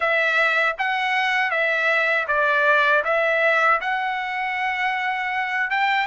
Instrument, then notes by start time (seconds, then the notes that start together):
trumpet
0.00 E5
0.78 F#5
1.50 E5
2.27 D5
3.04 E5
3.80 F#5
5.70 G5